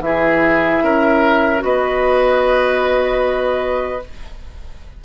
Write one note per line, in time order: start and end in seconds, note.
0.00 0.80 E3
0.00 1.60 E4
0.00 1.62 E5
0.06 0.84 G#4
0.83 1.63 C#4
0.83 1.64 A#4
1.60 4.03 B3
1.60 4.00 F#4
1.60 4.05 B4
1.60 4.04 D#5